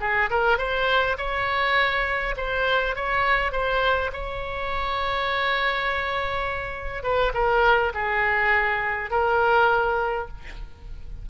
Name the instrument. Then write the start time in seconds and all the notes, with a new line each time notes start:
oboe
0.00 G#4
0.30 A#4
0.58 C5
1.17 C#5
2.37 C5
2.95 C#5
3.52 C5
4.13 C#5
7.03 B4
7.34 A#4
7.94 G#4
9.10 A#4